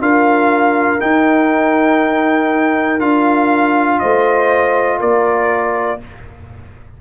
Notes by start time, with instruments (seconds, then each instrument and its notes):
0.00 tuba D4, trombone F4, horn A#4, trumpet F5
1.00 trombone D#4, tuba D#4, trumpet G5
3.00 tuba D4, trombone F4, trumpet F5
4.00 tuba A3, horn C5, trumpet D#5
5.00 tuba A#3, horn A#4, trumpet D5